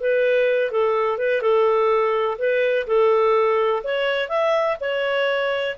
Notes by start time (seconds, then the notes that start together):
0.00 B4
0.71 A4
1.18 B4
1.41 A4
2.38 B4
2.87 A4
3.84 C#5
4.29 E5
4.80 C#5